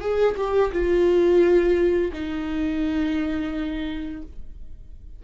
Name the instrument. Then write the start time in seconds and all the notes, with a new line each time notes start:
viola
0.00 G#4
0.36 G4
0.72 F4
2.12 D#4